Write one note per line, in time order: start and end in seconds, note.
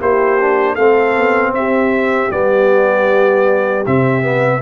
0.00 0.77 A#3
0.00 0.38 E4
0.00 0.74 G4
0.00 0.75 C5
0.40 0.77 D4
0.74 1.16 A3
0.74 2.31 C4
0.74 1.51 A4
0.74 1.52 F5
1.16 1.51 B3
1.51 2.28 C4
1.51 2.31 E5
1.57 4.61 G4
2.31 3.84 G3
2.31 3.84 B3
2.31 3.85 D5
3.86 4.61 C3
3.86 4.22 C4
3.86 4.61 E5
4.22 4.60 B3